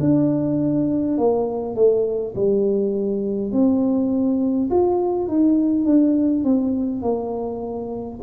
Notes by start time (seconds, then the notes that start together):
0.00 D4
1.17 A#3
1.75 A3
2.35 G3
3.52 C4
4.70 F4
5.28 D#4
5.85 D4
6.44 C4
7.02 A#3